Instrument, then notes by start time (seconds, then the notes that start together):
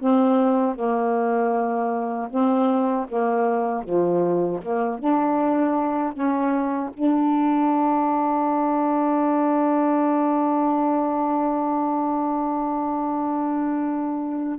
saxophone
0.00 C4
0.75 A#3
2.30 C4
3.09 A#3
3.84 F3
4.62 A#3
4.99 D4
6.13 C#4
6.94 D4